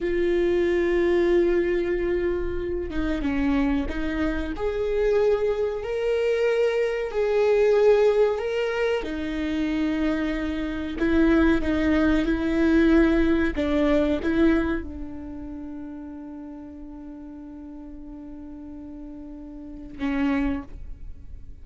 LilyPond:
\new Staff \with { instrumentName = "viola" } { \time 4/4 \tempo 4 = 93 f'1~ | f'8 dis'8 cis'4 dis'4 gis'4~ | gis'4 ais'2 gis'4~ | gis'4 ais'4 dis'2~ |
dis'4 e'4 dis'4 e'4~ | e'4 d'4 e'4 d'4~ | d'1~ | d'2. cis'4 | }